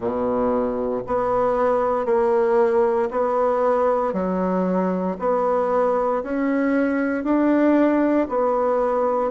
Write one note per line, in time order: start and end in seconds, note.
0.00 1.02 B2
1.06 2.05 B3
2.05 3.09 A#3
3.10 4.13 B3
4.13 5.16 F#3
5.19 6.23 B3
6.23 7.24 C#4
7.24 8.27 D4
8.29 9.31 B3